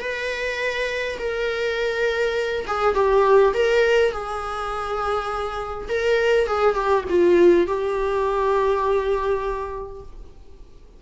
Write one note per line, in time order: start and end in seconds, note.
0.00 1.18 B4
1.19 2.66 A#4
2.67 2.94 G#4
2.94 3.53 G4
3.54 4.11 A#4
4.11 5.88 G#4
5.89 6.47 A#4
6.47 6.75 G#4
6.75 7.04 G4
7.09 7.67 F4
7.67 10.02 G4